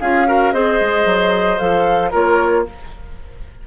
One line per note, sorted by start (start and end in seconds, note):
0.00 0.53 C#4
0.00 0.26 F4
0.00 0.27 G#4
0.00 0.53 F5
0.26 0.53 F#4
0.26 0.54 A#4
0.53 0.80 C4
0.53 1.58 G#4
0.53 2.11 C5
0.53 1.59 D#5
0.81 1.06 G#3
1.06 1.59 F#3
1.58 2.14 F3
1.58 2.11 A4
1.58 2.12 F5
2.11 2.67 A#3
2.11 2.66 F4
2.11 2.64 A#4
2.11 2.67 C#5